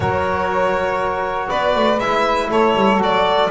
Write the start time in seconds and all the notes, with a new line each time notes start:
0.00 F#3 F#4 A#4 C#5
1.47 B3 B4 D5
1.75 A3
1.98 G#3 E4 E5
2.49 A3 A4 C#5
2.74 G3
2.98 F#3 F#4 D5